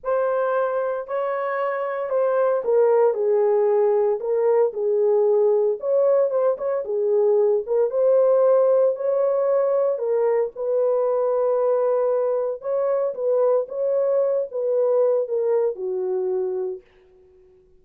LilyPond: \new Staff \with { instrumentName = "horn" } { \time 4/4 \tempo 4 = 114 c''2 cis''2 | c''4 ais'4 gis'2 | ais'4 gis'2 cis''4 | c''8 cis''8 gis'4. ais'8 c''4~ |
c''4 cis''2 ais'4 | b'1 | cis''4 b'4 cis''4. b'8~ | b'4 ais'4 fis'2 | }